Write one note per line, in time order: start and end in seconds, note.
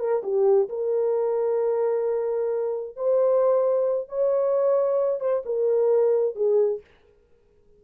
0.00 0.23 A#4
0.23 0.69 G4
0.70 2.97 A#4
2.97 4.09 C5
4.09 5.21 C#5
5.21 5.43 C5
5.46 6.36 A#4
6.36 6.81 G#4